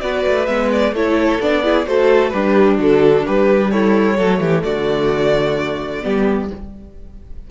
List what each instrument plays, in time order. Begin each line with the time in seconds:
0.00 cello B3, viola F#4, violin B4 D5
0.27 cello A3
0.46 cello G#3, viola B3, violin E5
0.72 violin D5
0.92 cello A3, viola E4, violin A4 C#5
1.40 cello B3, viola D4, violin D5
1.63 viola E4, violin G#4
1.86 cello A3, viola F#4, violin A4 C5
2.29 cello G3, violin D4 B4, viola G4
2.77 cello D3, viola F#4, violin A4
3.26 cello G3, viola G4, violin B4
3.71 violin E4 C#5, viola A4
4.17 cello F#3, viola A3, violin A4
4.39 cello E3, violin G4
4.63 cello D3, violin F#4 D5
6.02 cello G3, viola B3, violin G4